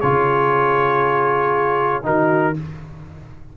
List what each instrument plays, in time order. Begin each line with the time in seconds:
0.00 tuba C#3, trombone F4, horn G#4, trumpet C#5
2.03 tuba D#3, trombone D#4, horn F#4, trumpet A#4